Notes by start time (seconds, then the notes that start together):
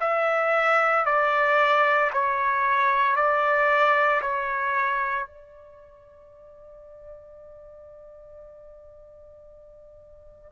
0.00 E5
1.05 D5
2.13 C#5
3.15 D5
4.21 C#5
5.26 D5